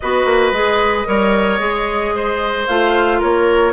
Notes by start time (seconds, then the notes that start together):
0.00 B3 F#4 B4 D#5
0.25 A#3
0.51 G#3 G#4
1.05 G3 A#4 C#5
1.59 G#3 G#4
2.15 C5
2.67 A3 F4 F5
3.19 A#3 A#4 C#5